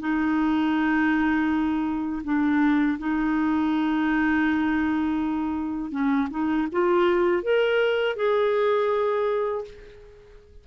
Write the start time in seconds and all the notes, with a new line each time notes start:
0.00 D#4
2.24 D4
2.99 D#4
5.91 C#4
6.31 D#4
6.72 F4
7.43 A#4
8.16 G#4